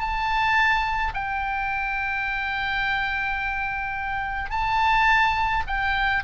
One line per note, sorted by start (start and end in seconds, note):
0.00 1.13 A5
1.14 4.50 G5
4.50 5.63 A5
5.67 6.24 G5